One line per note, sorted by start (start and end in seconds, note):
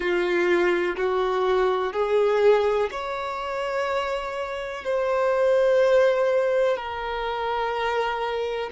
0.00 0.96 F4
0.96 1.93 F#4
1.93 2.89 G#4
2.91 4.84 C#5
4.84 6.76 C5
6.76 8.70 A#4